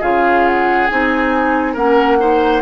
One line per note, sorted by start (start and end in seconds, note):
0.00 0.89 C#3
0.00 0.88 F4
0.00 1.73 G#4
0.00 0.46 F5
0.46 0.87 F#5
0.87 1.76 C4
0.87 1.76 D#4
0.87 1.74 G#5
1.73 2.62 A#3
1.73 2.19 C#4
1.73 2.17 A#4
1.73 2.62 F#5
2.19 2.62 D#4
2.19 2.62 C5